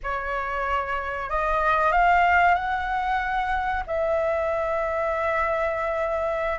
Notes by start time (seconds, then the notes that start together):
0.03 C#5
1.29 D#5
1.92 F5
2.54 F#5
3.86 E5